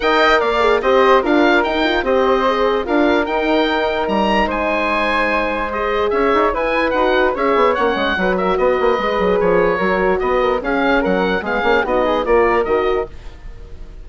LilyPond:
<<
  \new Staff \with { instrumentName = "oboe" } { \time 4/4 \tempo 4 = 147 g''4 f''4 dis''4 f''4 | g''4 dis''2 f''4 | g''2 ais''4 gis''4~ | gis''2 dis''4 e''4 |
gis''4 fis''4 e''4 fis''4~ | fis''8 e''8 dis''2 cis''4~ | cis''4 dis''4 f''4 fis''4 | f''4 dis''4 d''4 dis''4 | }
  \new Staff \with { instrumentName = "flute" } { \time 4/4 dis''4 d''4 c''4 ais'4~ | ais'4 c''2 ais'4~ | ais'2. c''4~ | c''2. cis''4 |
b'2 cis''2 | b'8 ais'8 b'2. | ais'4 b'8 ais'8 gis'4 ais'4 | gis'4 fis'8 gis'8 ais'2 | }
  \new Staff \with { instrumentName = "horn" } { \time 4/4 ais'4. gis'8 g'4 f'4 | dis'8 f'8 g'4 gis'4 f'4 | dis'1~ | dis'2 gis'2 |
e'4 fis'4 gis'4 cis'4 | fis'2 gis'2 | fis'2 cis'2 | b8 cis'8 dis'4 f'4 fis'4 | }
  \new Staff \with { instrumentName = "bassoon" } { \time 4/4 dis'4 ais4 c'4 d'4 | dis'4 c'2 d'4 | dis'2 g4 gis4~ | gis2. cis'8 dis'8 |
e'4 dis'4 cis'8 b8 ais8 gis8 | fis4 b8 ais8 gis8 fis8 f4 | fis4 b4 cis'4 fis4 | gis8 ais8 b4 ais4 dis4 | }
>>